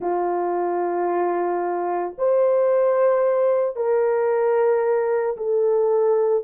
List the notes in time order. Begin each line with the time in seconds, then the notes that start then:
0.00 F4
2.17 C5
3.75 A#4
5.36 A4